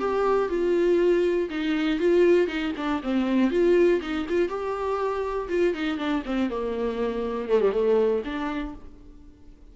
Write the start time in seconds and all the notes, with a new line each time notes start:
0.00 G4
0.50 F4
1.50 D#4
2.00 F4
2.48 D#4
2.77 D4
3.03 C4
3.51 F4
4.02 D#4
4.30 F4
4.49 G4
5.50 F4
5.75 D#4
5.98 D4
6.26 C4
6.50 A#3
7.49 A3
7.61 G3
7.72 A3
8.25 D4